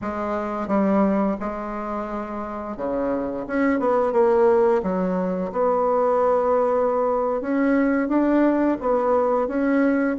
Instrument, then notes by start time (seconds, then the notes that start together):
bassoon
0.01 G#3
0.67 G3
1.40 G#3
2.76 C#3
3.47 C#4
3.79 B3
4.12 A#3
4.82 F#3
5.51 B3
7.41 C#4
8.08 D4
8.80 B3
9.47 C#4